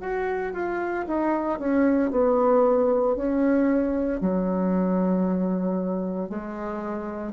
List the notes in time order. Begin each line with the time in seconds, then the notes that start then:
0.00 F#4
0.53 F4
1.07 D#4
1.59 C#4
2.10 B3
3.15 C#4
4.20 F#3
6.29 G#3